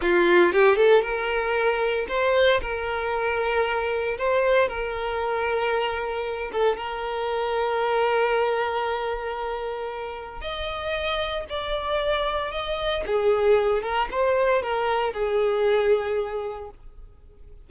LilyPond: \new Staff \with { instrumentName = "violin" } { \time 4/4 \tempo 4 = 115 f'4 g'8 a'8 ais'2 | c''4 ais'2. | c''4 ais'2.~ | ais'8 a'8 ais'2.~ |
ais'1 | dis''2 d''2 | dis''4 gis'4. ais'8 c''4 | ais'4 gis'2. | }